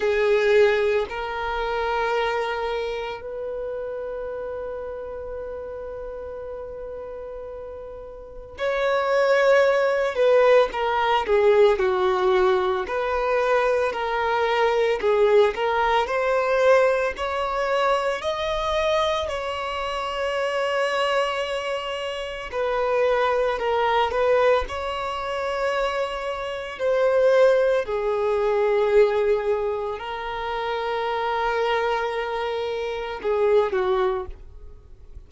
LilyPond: \new Staff \with { instrumentName = "violin" } { \time 4/4 \tempo 4 = 56 gis'4 ais'2 b'4~ | b'1 | cis''4. b'8 ais'8 gis'8 fis'4 | b'4 ais'4 gis'8 ais'8 c''4 |
cis''4 dis''4 cis''2~ | cis''4 b'4 ais'8 b'8 cis''4~ | cis''4 c''4 gis'2 | ais'2. gis'8 fis'8 | }